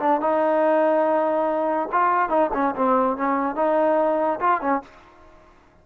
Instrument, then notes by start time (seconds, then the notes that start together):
trombone
0.00 D4
0.21 D#4
1.92 F4
2.29 D#4
2.54 C#4
2.75 C4
3.17 C#4
3.56 D#4
4.40 F4
4.61 C#4